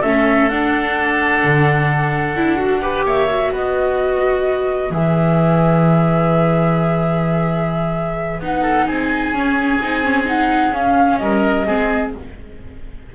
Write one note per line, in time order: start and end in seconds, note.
0.00 0.50 A3
0.00 0.50 C#4
0.00 2.79 A4
0.00 0.48 E5
0.49 1.43 D4
0.49 2.36 D4
0.49 3.05 F#5
1.44 2.36 D3
2.36 3.04 D4
2.36 2.56 E4
2.56 2.80 F#4
2.82 3.28 G4
2.82 3.05 B4
3.04 3.51 A#3
3.04 3.52 C#5
3.04 3.53 E5
3.29 4.92 F#4
3.52 4.90 B3
3.52 8.62 B4
3.52 4.92 D#5
4.90 8.39 E3
4.90 8.41 G#4
4.90 8.41 E5
8.40 8.86 B3
8.40 9.34 D#4
8.40 8.86 F#5
8.62 8.85 A4
8.86 9.33 C4
8.86 11.19 G#4
8.86 10.26 G#5
9.33 9.79 C#4
9.33 9.81 C#4
9.81 10.72 C4
9.81 10.04 D#4
10.04 10.25 C#4
10.25 10.72 D#4
10.25 10.73 F#5
10.72 11.18 C#4
10.72 11.65 C#4
10.72 11.17 F5
11.17 11.66 G3
11.17 11.66 A#4
11.17 12.10 D#5
11.66 12.14 G#3
11.66 12.13 C4
11.66 12.13 G#4